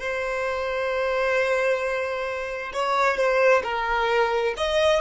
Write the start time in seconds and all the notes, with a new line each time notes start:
0.00 C5
2.74 C#5
3.17 C5
3.64 A#4
4.57 D#5